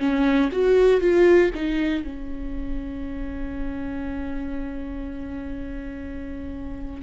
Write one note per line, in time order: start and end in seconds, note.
0.00 0.50 C#4
0.53 1.01 F#4
1.01 1.51 F4
1.55 2.04 D#4
2.04 7.03 C#4